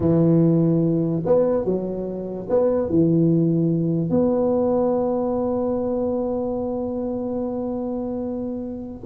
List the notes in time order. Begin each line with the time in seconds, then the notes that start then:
0.00 E3
1.25 B3
1.64 F#3
2.49 B3
2.89 E3
4.10 B3